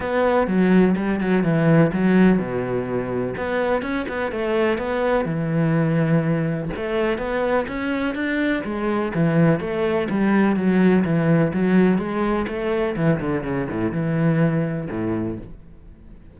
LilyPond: \new Staff \with { instrumentName = "cello" } { \time 4/4 \tempo 4 = 125 b4 fis4 g8 fis8 e4 | fis4 b,2 b4 | cis'8 b8 a4 b4 e4~ | e2 a4 b4 |
cis'4 d'4 gis4 e4 | a4 g4 fis4 e4 | fis4 gis4 a4 e8 d8 | cis8 a,8 e2 a,4 | }